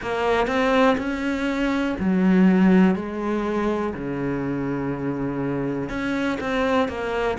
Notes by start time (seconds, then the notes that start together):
0.01 A#3
0.46 C4
0.97 C#4
1.99 F#3
2.95 G#3
3.93 C#3
5.89 C#4
6.40 C4
6.88 A#3